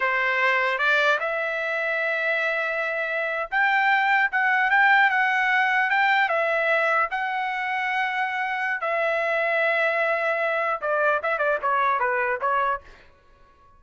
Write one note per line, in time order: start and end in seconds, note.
0.00 0.78 C5
0.78 1.18 D5
1.19 3.49 E5
3.51 4.31 G5
4.31 4.70 F#5
4.70 5.10 G5
5.10 5.90 F#5
5.90 6.28 G5
6.28 7.08 E5
7.11 8.80 F#5
8.80 10.80 E5
10.81 11.21 D5
11.22 11.38 E5
11.38 11.58 D5
11.62 11.99 C#5
11.99 12.39 B4
12.41 12.81 C#5